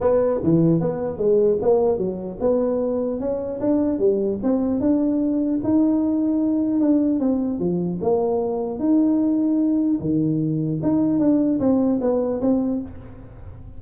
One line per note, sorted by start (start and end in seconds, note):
0.01 0.41 B3
0.43 0.80 E3
0.80 1.17 B3
1.17 1.57 G#3
1.61 1.98 A#3
1.98 2.38 F#3
2.40 3.19 B3
3.19 3.59 C#4
3.60 3.98 D4
3.98 4.38 G3
4.42 4.80 C4
4.80 5.60 D4
5.63 6.80 D#4
6.80 7.19 D4
7.19 7.59 C4
7.59 7.99 F3
8.01 8.79 A#3
8.79 9.99 D#4
10.00 10.80 D#3
10.82 11.19 D#4
11.19 11.59 D4
11.59 11.99 C4
12.00 12.40 B3
12.41 12.81 C4